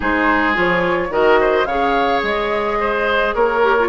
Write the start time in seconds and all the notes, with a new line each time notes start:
0.00 G#3 D#4 G#4 C5
0.54 F3 F4 C#5
1.09 D#3 F#4 A#4 D#5
1.40 C5
1.65 C#3 G#4 C#5 F5
2.23 G#3 D#5
2.80 C5
3.34 A#3 A#4 C#5
3.63 G4
3.79 F4